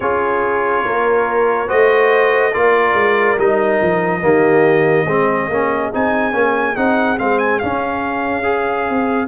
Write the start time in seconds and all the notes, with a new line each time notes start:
0.00 C#4 F4 G#4 C#5
0.84 A#3 A#4
1.67 A3 F#4 C5 D#5
2.52 A#3 F4 A#4 D5
2.93 G#3
3.38 G3 D#4 D#5
3.82 F3
4.21 D#3 A#3 G4
5.06 G#3 C4 G#4
5.48 A#3 C#4
5.92 C4 D#4 G#5
6.32 A#3 C#4
6.75 C4 D#4 F#5
7.18 G#3 C4 F5
7.38 G#5
7.59 C#4 F5
8.43 G#4
8.89 C4